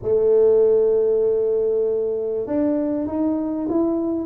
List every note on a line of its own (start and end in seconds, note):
0.02 2.46 A3
2.46 3.06 D4
3.06 3.68 D#4
3.69 4.26 E4